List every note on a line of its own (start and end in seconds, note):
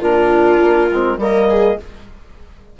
0.00 0.60 A#2
0.00 0.90 D4
0.00 1.18 F4
0.00 1.19 A#4
0.61 0.91 A#3
0.92 1.17 G#3
0.92 1.19 C4
1.17 1.76 G3
1.17 1.78 A#3
1.17 1.49 A#4
1.17 1.80 D#5
1.49 1.79 G#4